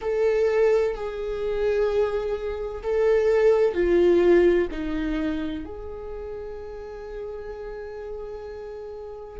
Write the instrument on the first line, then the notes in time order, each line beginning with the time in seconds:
viola
0.01 A4
0.94 G#4
2.82 A4
3.73 F4
4.71 D#4
5.65 G#4